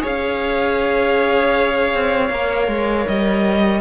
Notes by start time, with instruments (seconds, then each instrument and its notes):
0.00 viola G#4, violin C#5
0.06 cello C#4, violin F5
1.94 cello C4
2.30 cello A#3, viola A#4
2.68 cello G#3
3.08 cello G3, violin D#5